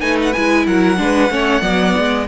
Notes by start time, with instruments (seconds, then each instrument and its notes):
0.00 cello A3, viola D#4, violin B4 G#5
0.22 violin F#5
0.33 cello G#3, viola E4, violin G#5
0.67 cello F#3, violin A#4 F#5
0.97 cello G#3, viola D4, violin B4
1.30 cello A3, viola C#4, violin C#5
1.61 cello F#3, viola B3, violin D5
1.97 cello G#3